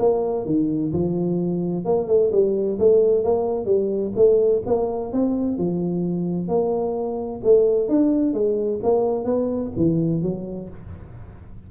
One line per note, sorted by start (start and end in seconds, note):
0.00 0.46 A#3
0.46 0.93 D#3
0.93 1.86 F3
1.86 2.08 A#3
2.08 2.31 A3
2.32 2.79 G3
2.80 3.25 A3
3.25 3.66 A#3
3.66 4.12 G3
4.16 4.63 A3
4.67 5.13 A#3
5.13 5.58 C4
5.58 6.48 F3
6.48 7.41 A#3
7.44 7.89 A3
7.89 8.34 D4
8.34 8.81 G#3
8.84 9.25 A#3
9.25 9.72 B3
9.77 10.23 E3
10.23 10.69 F#3